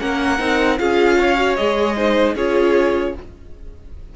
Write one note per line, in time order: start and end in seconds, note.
0.00 0.40 A#3
0.00 0.39 C#4
0.00 0.79 A#4
0.00 0.79 F#5
0.39 0.79 C4
0.39 0.78 D#4
0.78 1.58 C#4
0.78 1.37 F4
0.78 1.19 G#4
0.78 1.56 F5
1.19 1.97 C#5
1.37 1.56 F#4
1.56 2.35 G#3
1.56 1.97 G#4
1.56 2.35 D#5
1.97 2.37 D#4
1.97 2.35 C5
2.35 3.14 C#4
2.35 3.16 F4
2.35 3.14 G#4
2.35 3.16 C#5